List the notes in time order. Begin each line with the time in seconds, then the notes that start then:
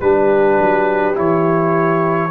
0.00 G3 D4 G4 B4
0.59 F#3
1.14 E3 E4 C#5